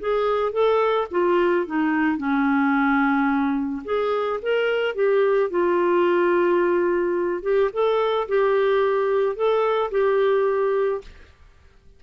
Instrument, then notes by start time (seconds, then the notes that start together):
clarinet
0.00 G#4
0.53 A4
1.12 F4
1.66 D#4
2.18 C#4
3.85 G#4
4.42 A#4
4.95 G4
5.50 F4
7.43 G4
7.73 A4
8.29 G4
9.36 A4
9.91 G4